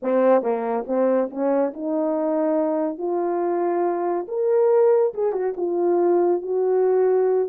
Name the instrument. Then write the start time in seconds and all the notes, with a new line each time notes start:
horn
0.02 C4
0.42 A#3
0.86 C4
1.30 C#4
1.73 D#4
2.97 F4
4.28 A#4
5.14 G#4
5.32 F#4
5.56 F4
6.41 F#4